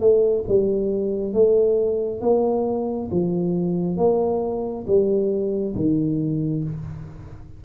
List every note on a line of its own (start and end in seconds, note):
0.00 0.44 A3
0.48 1.34 G3
1.34 2.21 A3
2.21 3.09 A#3
3.11 3.97 F3
3.97 4.85 A#3
4.87 5.75 G3
5.76 6.64 D#3